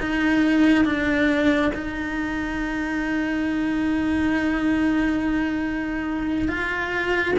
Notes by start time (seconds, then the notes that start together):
0.00 D#4
0.85 D4
1.74 D#4
6.48 F4